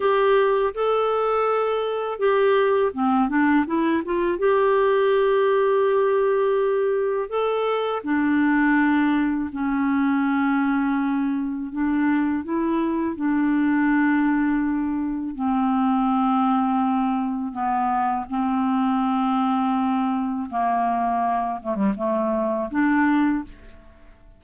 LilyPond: \new Staff \with { instrumentName = "clarinet" } { \time 4/4 \tempo 4 = 82 g'4 a'2 g'4 | c'8 d'8 e'8 f'8 g'2~ | g'2 a'4 d'4~ | d'4 cis'2. |
d'4 e'4 d'2~ | d'4 c'2. | b4 c'2. | ais4. a16 g16 a4 d'4 | }